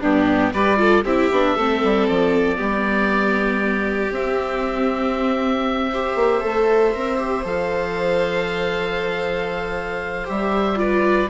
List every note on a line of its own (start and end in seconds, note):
0.00 0.51 G2
0.00 0.54 B3
0.00 0.52 D4
0.00 0.53 G4
0.52 1.04 G3
0.52 0.76 G4
0.52 0.78 B4
0.52 1.04 D5
0.76 1.02 F4
0.76 1.04 A4
1.04 1.29 C4
1.04 1.32 E4
1.04 1.55 G4
1.04 2.07 E5
1.31 1.56 B3
1.31 1.58 D4
1.55 1.82 A3
1.55 2.55 C4
1.55 2.57 A4
1.83 2.09 G3
2.08 2.59 F3
2.08 4.13 D5
2.55 4.10 G3
2.55 4.09 B3
2.55 5.90 G4
4.10 6.15 C4
4.10 5.93 C4
4.10 7.45 E5
5.91 6.41 G4
5.91 10.78 C5
6.15 6.41 A#3
6.41 6.95 A3
6.41 6.92 A4
6.94 7.45 C4
6.94 7.17 A#4
7.17 7.43 G4
7.44 10.27 F3
7.44 10.25 A4
7.44 10.27 F5
10.25 11.29 G3
10.25 10.76 G4
10.25 10.78 E5
10.76 11.27 F4
10.76 11.29 B4
10.76 11.29 D5